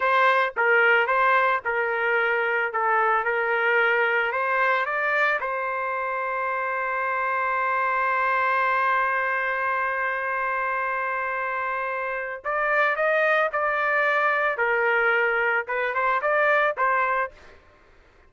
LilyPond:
\new Staff \with { instrumentName = "trumpet" } { \time 4/4 \tempo 4 = 111 c''4 ais'4 c''4 ais'4~ | ais'4 a'4 ais'2 | c''4 d''4 c''2~ | c''1~ |
c''1~ | c''2. d''4 | dis''4 d''2 ais'4~ | ais'4 b'8 c''8 d''4 c''4 | }